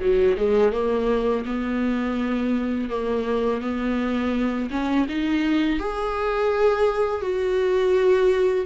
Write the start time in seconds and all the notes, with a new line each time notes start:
0.00 F#3
0.37 G#3
0.72 A#3
1.45 B3
2.89 A#3
3.61 B3
4.71 C#4
5.09 D#4
5.79 G#4
7.21 F#4